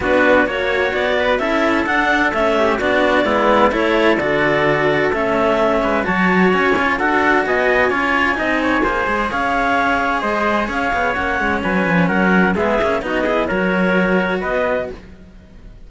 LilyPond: <<
  \new Staff \with { instrumentName = "clarinet" } { \time 4/4 \tempo 4 = 129 b'4 cis''4 d''4 e''4 | fis''4 e''4 d''2 | cis''4 d''2 e''4~ | e''4 a''4 gis''4 fis''4 |
gis''1 | f''2 dis''4 f''4 | fis''4 gis''4 fis''4 e''4 | dis''4 cis''2 dis''4 | }
  \new Staff \with { instrumentName = "trumpet" } { \time 4/4 fis'4 cis''4. b'8 a'4~ | a'4. g'8 fis'4 e'4 | a'1~ | a'8 b'8 cis''2 a'4 |
dis''4 cis''4 dis''8 cis''8 c''4 | cis''2 c''4 cis''4~ | cis''4 b'4 ais'4 gis'4 | fis'8 gis'8 ais'2 b'4 | }
  \new Staff \with { instrumentName = "cello" } { \time 4/4 d'4 fis'2 e'4 | d'4 cis'4 d'4 b4 | e'4 fis'2 cis'4~ | cis'4 fis'4. f'8 fis'4~ |
fis'4 f'4 dis'4 gis'4~ | gis'1 | cis'2. b8 cis'8 | dis'8 e'8 fis'2. | }
  \new Staff \with { instrumentName = "cello" } { \time 4/4 b4 ais4 b4 cis'4 | d'4 a4 b4 gis4 | a4 d2 a4~ | a8 gis8 fis4 cis'4 d'4 |
b4 cis'4 c'4 ais8 gis8 | cis'2 gis4 cis'8 b8 | ais8 gis8 fis8 f8 fis4 gis8 ais8 | b4 fis2 b4 | }
>>